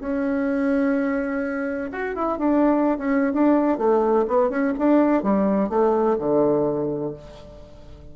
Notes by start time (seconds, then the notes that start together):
0.00 C#4
1.92 F#4
2.15 E4
2.39 D4
2.98 C#4
3.33 D4
3.78 A3
4.27 B3
4.50 C#4
4.79 D4
5.23 G3
5.69 A3
6.18 D3